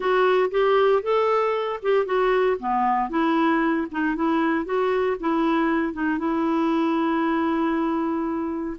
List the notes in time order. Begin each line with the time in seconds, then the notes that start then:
0.00 F#4
0.50 G4
1.02 A4
1.82 G4
2.05 F#4
2.59 B3
3.09 E4
3.91 D#4
4.15 E4
4.65 F#4
5.20 E4
5.93 D#4
6.18 E4